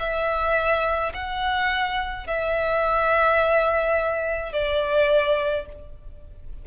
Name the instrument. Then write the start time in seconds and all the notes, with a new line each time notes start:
violin
0.00 E5
1.14 F#5
2.27 E5
4.53 D5